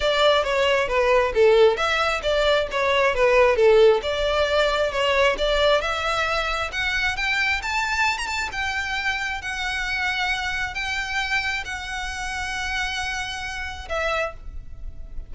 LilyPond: \new Staff \with { instrumentName = "violin" } { \time 4/4 \tempo 4 = 134 d''4 cis''4 b'4 a'4 | e''4 d''4 cis''4 b'4 | a'4 d''2 cis''4 | d''4 e''2 fis''4 |
g''4 a''4~ a''16 ais''16 a''8 g''4~ | g''4 fis''2. | g''2 fis''2~ | fis''2. e''4 | }